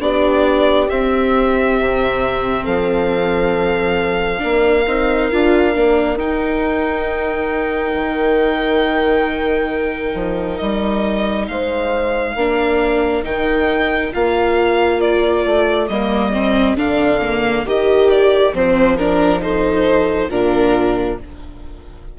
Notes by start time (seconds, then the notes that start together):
0.00 B3 D4 G4 D5
0.89 C4 E5
1.80 C3
2.63 F3 A4 F5
4.39 A#3 D4 A#4
4.86 C4 D#4
5.31 D4 F4
5.74 A#3 D4
6.15 D#4 G5
7.95 D#3
10.14 F3
10.57 G3 D#5
11.48 G#3 C5 F5
12.34 A#3 D4 A#4
13.23 D#3 D#4 G5
14.12 A#3 F4 F5
15.01 D5
15.46 A3
15.88 G3 A#3 D#5
16.33 C4
16.75 D3 D4 F5
17.22 A#3
17.65 D#3 G4 D#5
18.10 D5
18.53 F3 C4 C5
18.97 D4 A#4
19.40 D#4 A4 C5
20.30 A#2 D4 F4 A#4